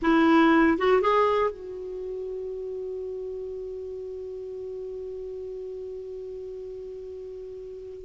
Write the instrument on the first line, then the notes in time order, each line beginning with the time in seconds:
clarinet
0.02 E4
0.78 F#4
1.01 G#4
1.51 F#4